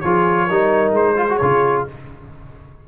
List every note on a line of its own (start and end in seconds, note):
0.00 0.49 F3
0.00 0.50 F4
0.00 0.46 G#4
0.00 0.92 C#5
0.46 0.91 G3
0.46 1.17 D#4
0.46 1.15 A#4
0.91 1.37 G#3
0.91 1.36 C5
1.17 1.28 F4
1.17 1.87 G#4
1.29 1.40 F#4
1.36 1.87 C#3
1.36 1.88 F4
1.36 1.82 C#5